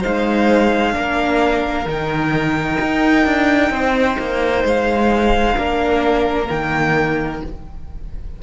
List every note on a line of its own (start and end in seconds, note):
0.00 0.95 G#3
0.00 0.93 D#4
0.00 0.92 C5
0.00 1.88 F5
0.93 1.86 A#3
0.93 1.85 D4
0.93 3.72 A#4
1.86 2.78 D#3
1.86 5.56 D#4
1.86 4.67 G5
2.80 3.25 D#4
3.25 3.70 D4
3.70 4.16 C4
3.70 5.57 C5
4.18 4.64 A#3
4.64 5.56 G#3
4.64 6.49 F5
5.56 6.49 A#3
5.56 6.46 D4
5.56 7.42 A#4
6.46 7.42 D#3
6.46 7.38 A#3
6.46 7.41 G5